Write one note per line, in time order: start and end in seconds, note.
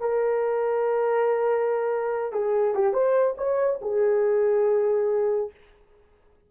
0.00 2.32 A#4
2.33 2.75 G#4
2.75 2.93 G4
2.93 3.36 C5
3.38 3.80 C#5
3.82 5.51 G#4